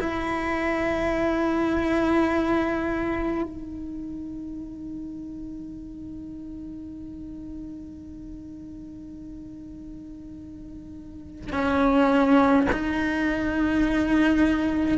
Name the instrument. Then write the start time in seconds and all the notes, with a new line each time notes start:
cello
0.00 E4
3.43 D#4
11.52 C#4
12.72 D#4